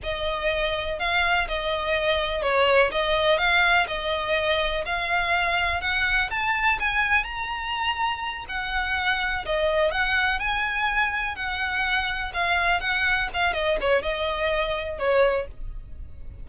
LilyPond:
\new Staff \with { instrumentName = "violin" } { \time 4/4 \tempo 4 = 124 dis''2 f''4 dis''4~ | dis''4 cis''4 dis''4 f''4 | dis''2 f''2 | fis''4 a''4 gis''4 ais''4~ |
ais''4. fis''2 dis''8~ | dis''8 fis''4 gis''2 fis''8~ | fis''4. f''4 fis''4 f''8 | dis''8 cis''8 dis''2 cis''4 | }